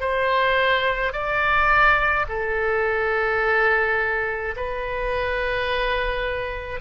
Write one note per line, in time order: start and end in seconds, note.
0.00 1.12 C5
1.12 2.25 D5
2.28 4.55 A4
4.56 6.80 B4